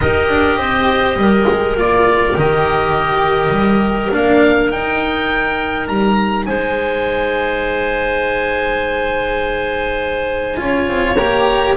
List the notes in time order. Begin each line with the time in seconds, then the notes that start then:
0.00 D#4 G4 A#4 D#5
0.28 D4
0.57 C4 C5
1.16 G3 A#4
1.48 G#3
1.76 A#3 F4 D5
2.35 D#3 G4 D#5
3.49 G3
4.11 A#3 D4 F5
4.70 D#4 G5
5.87 G3 A#5
6.45 G#3 C5 G#5
10.56 C#4 F4 C#5
10.87 C4
11.16 A#3 G4 A#5